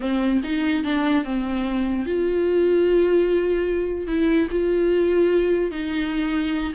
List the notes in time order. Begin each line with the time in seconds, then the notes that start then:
0.00 C4
0.43 D#4
0.84 D4
1.24 C4
2.06 F4
4.07 E4
4.50 F4
5.71 D#4